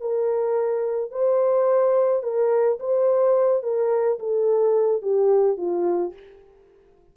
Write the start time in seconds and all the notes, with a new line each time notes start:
0.00 A#4
1.11 C5
2.23 A#4
2.79 C5
3.62 A#4
4.19 A4
5.02 G4
5.57 F4